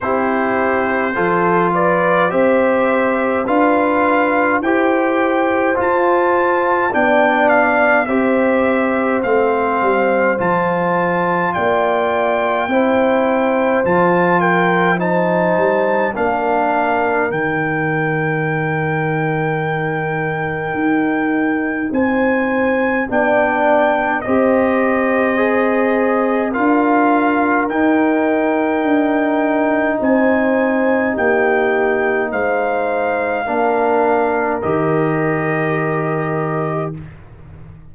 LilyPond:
<<
  \new Staff \with { instrumentName = "trumpet" } { \time 4/4 \tempo 4 = 52 c''4. d''8 e''4 f''4 | g''4 a''4 g''8 f''8 e''4 | f''4 a''4 g''2 | a''8 g''8 a''4 f''4 g''4~ |
g''2. gis''4 | g''4 dis''2 f''4 | g''2 gis''4 g''4 | f''2 dis''2 | }
  \new Staff \with { instrumentName = "horn" } { \time 4/4 g'4 a'8 b'8 c''4 b'4 | c''2 d''4 c''4~ | c''2 d''4 c''4~ | c''8 ais'8 c''4 ais'2~ |
ais'2. c''4 | d''4 c''2 ais'4~ | ais'2 c''4 g'4 | c''4 ais'2. | }
  \new Staff \with { instrumentName = "trombone" } { \time 4/4 e'4 f'4 g'4 f'4 | g'4 f'4 d'4 g'4 | c'4 f'2 e'4 | f'4 dis'4 d'4 dis'4~ |
dis'1 | d'4 g'4 gis'4 f'4 | dis'1~ | dis'4 d'4 g'2 | }
  \new Staff \with { instrumentName = "tuba" } { \time 4/4 c'4 f4 c'4 d'4 | e'4 f'4 b4 c'4 | a8 g8 f4 ais4 c'4 | f4. g8 ais4 dis4~ |
dis2 dis'4 c'4 | b4 c'2 d'4 | dis'4 d'4 c'4 ais4 | gis4 ais4 dis2 | }
>>